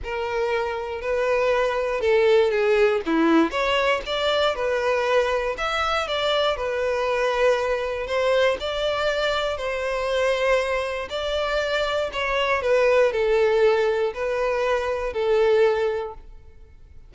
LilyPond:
\new Staff \with { instrumentName = "violin" } { \time 4/4 \tempo 4 = 119 ais'2 b'2 | a'4 gis'4 e'4 cis''4 | d''4 b'2 e''4 | d''4 b'2. |
c''4 d''2 c''4~ | c''2 d''2 | cis''4 b'4 a'2 | b'2 a'2 | }